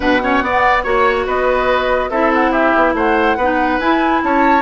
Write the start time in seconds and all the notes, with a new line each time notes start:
0.00 B2 D4 B4 F#5
0.22 C#4 C#5
0.42 B3 D5
0.82 A#3 F#4 C#5
1.26 B3 B4 D#5
2.10 C4 E4 A4 E5
2.33 F#5
2.51 G4 E5
2.75 B3
2.93 A3 C5 F#5
3.36 B3 D#4 B4
3.79 E4 G#5
4.23 C#4 C#5 A5